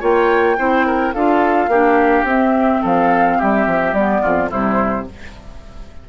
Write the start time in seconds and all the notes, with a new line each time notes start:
0.00 A#3 F4 C#5 G5
0.57 C4 E4 C5
0.86 A#4
1.13 D4 F4 A4 F5
1.67 A#3 D4 G4
2.23 C4 E5
2.82 F3 A4 F5
3.37 G3 G4 E5
3.66 F3
3.92 G3 B3 D5
4.21 F2 F4
4.49 C3 G3 E4 C5